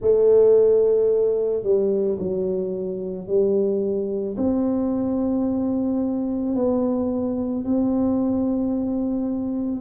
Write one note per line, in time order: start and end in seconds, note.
0.00 1.63 A3
1.63 2.18 G3
2.18 3.27 F#3
3.27 4.36 G3
4.37 6.55 C4
6.55 7.64 B3
7.64 9.81 C4